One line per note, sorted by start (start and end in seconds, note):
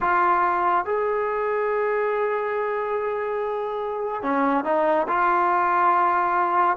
0.00 0.85 F4
0.85 4.22 G#4
4.22 4.64 C#4
4.64 5.06 D#4
5.08 6.77 F4